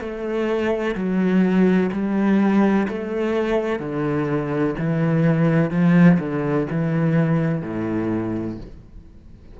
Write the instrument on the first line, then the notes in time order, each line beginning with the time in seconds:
cello
0.00 A3
0.95 F#3
1.92 G3
2.88 A3
3.79 D3
4.78 E3
5.71 F3
6.19 D3
6.71 E3
7.62 A2